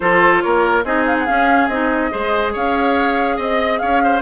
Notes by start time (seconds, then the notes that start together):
0.00 F3 F4 A4 C5
0.42 A#3 A#4 C#5
0.84 C4 D#4 G#4 D#5
1.06 F5
1.18 F#5
1.26 C#4 F5
1.68 C4 D#4 D#5
2.10 G#3 G#4 C5
2.52 C#4 C#5 F5
3.36 C4 D#5
3.78 C#4 C#5 F5
4.03 C5